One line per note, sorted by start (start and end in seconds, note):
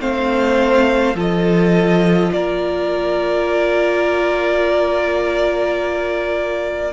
0.00 1.15 A3
0.00 1.15 C4
0.00 1.16 C5
0.00 1.17 F5
1.15 2.30 F3
1.15 6.93 F4
1.15 2.31 A4
1.15 2.33 D#5
2.33 6.93 A#3
2.33 6.93 A#4
2.33 6.93 D5